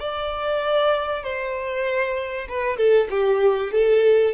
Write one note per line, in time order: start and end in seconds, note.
0.00 1.23 D5
1.23 2.47 C5
2.49 2.78 B4
2.78 3.08 A4
3.10 3.72 G4
3.72 4.34 A4